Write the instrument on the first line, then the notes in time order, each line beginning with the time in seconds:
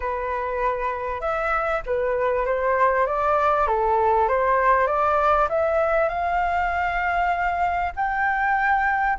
flute
0.00 B4
1.20 E5
1.86 B4
2.45 C5
3.06 D5
3.67 A4
4.28 C5
4.86 D5
5.49 E5
6.08 F5
7.96 G5